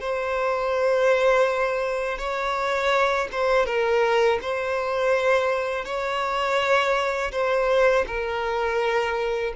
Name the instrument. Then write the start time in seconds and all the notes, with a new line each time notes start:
violin
0.00 C5
2.18 C#5
3.31 C5
3.66 A#4
4.41 C5
5.85 C#5
7.32 C5
8.07 A#4